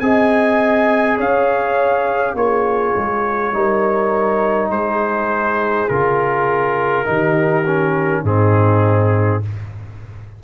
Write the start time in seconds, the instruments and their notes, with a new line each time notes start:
0.00 tuba C4, trombone G#4, horn D#5, trumpet G#5
1.18 tuba C#4, horn C#5, trumpet F5
2.35 tuba A#3, trombone F4, horn G#4, trumpet C#5
2.97 tuba G#3
3.53 tuba G3, trombone D#4, horn A#4
4.70 tuba G#3, horn G#4, trumpet C5
5.89 tuba C#3, trombone F4, trumpet A#4
7.05 tuba D#3, trombone D#4, horn G4
7.66 trombone C#4
8.23 tuba G#2, trombone C4, horn D#4, trumpet G#4